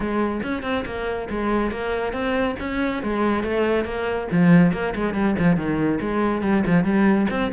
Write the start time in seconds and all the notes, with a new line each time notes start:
0.00 G#3
0.42 C#4
0.62 C4
0.85 A#3
1.30 G#3
1.71 A#3
2.12 C4
2.59 C#4
3.02 G#3
3.43 A3
3.84 A#3
4.31 F3
4.72 A#3
4.95 G#3
5.14 G3
5.38 F3
5.56 D#3
6.00 G#3
6.42 G3
6.66 F3
6.84 G3
7.30 C4